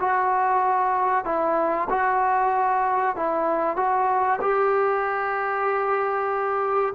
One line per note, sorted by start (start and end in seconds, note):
0.00 1.25 F#4
1.25 1.88 E4
1.90 3.16 F#4
3.16 3.76 E4
3.76 4.40 F#4
4.41 6.94 G4